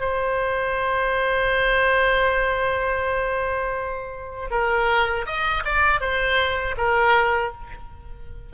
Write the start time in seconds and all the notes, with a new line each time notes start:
0.00 C5
4.51 A#4
5.26 D#5
5.65 D5
6.01 C5
6.78 A#4